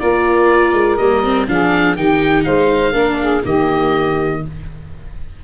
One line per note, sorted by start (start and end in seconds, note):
0.00 0.73 A#3
0.00 1.00 F4
0.00 1.48 A#4
0.00 0.97 D5
0.73 0.98 G#3
0.97 1.48 G3
0.97 1.24 A#3
0.97 1.46 D#5
1.24 1.48 C4
1.48 1.96 F3
1.48 1.97 D4
1.48 1.97 G#4
1.48 1.97 F5
1.96 2.45 D#3
1.96 2.94 D#4
1.96 2.45 G4
1.96 2.44 G5
2.44 2.93 G#3
2.44 2.93 C5
2.44 3.43 F5
2.93 3.42 A#3
2.93 3.43 D4
2.93 3.18 A#4
3.21 3.45 G#4
3.44 4.43 D#3
3.44 4.42 A#3
3.44 4.43 G4
3.44 4.44 D#5